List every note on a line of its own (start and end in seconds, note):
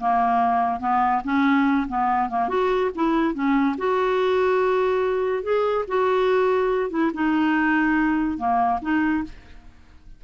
0.00 0.80 A#3
0.80 1.22 B3
1.24 1.87 C#4
1.88 2.30 B3
2.30 2.49 A#3
2.49 2.91 F#4
2.95 3.34 E4
3.34 3.76 C#4
3.78 5.43 F#4
5.43 5.85 G#4
5.88 6.90 F#4
6.90 7.11 E4
7.14 8.38 D#4
8.38 8.80 A#3
8.82 9.24 D#4